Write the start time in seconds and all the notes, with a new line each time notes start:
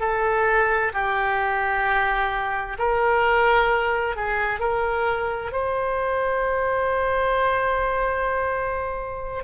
0.00 A4
0.93 G4
2.79 A#4
4.16 G#4
4.59 A#4
5.52 C5